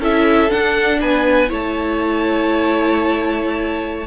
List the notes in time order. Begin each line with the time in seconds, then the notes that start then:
0.00 C#4 E4 A4 E5
0.49 D4 F#5
1.01 B3 B4 G#5
1.48 A3 E4 C#5 A5